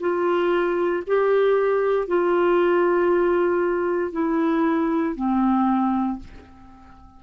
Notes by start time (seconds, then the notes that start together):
0.00 F4
1.07 G4
2.07 F4
4.12 E4
5.15 C4